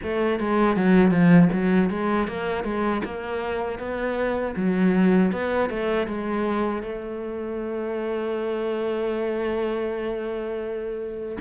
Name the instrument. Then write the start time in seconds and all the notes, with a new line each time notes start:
cello
0.02 A3
0.39 G#3
0.76 F#3
1.10 F3
1.52 F#3
1.90 G#3
2.27 A#3
2.64 G#3
3.04 A#3
3.78 B3
4.56 F#3
5.32 B3
5.69 A3
6.07 G#3
6.82 A3